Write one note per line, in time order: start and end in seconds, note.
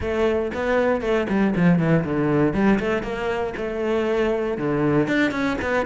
0.00 0.51 A3
0.54 1.01 B3
1.01 1.26 A3
1.29 1.54 G3
1.55 1.78 F3
1.78 2.04 E3
2.04 2.53 D3
2.53 2.79 G3
2.79 3.02 A3
3.02 3.53 A#3
3.57 4.57 A3
4.57 5.07 D3
5.07 5.31 D4
5.31 5.56 C#4
5.61 5.86 B3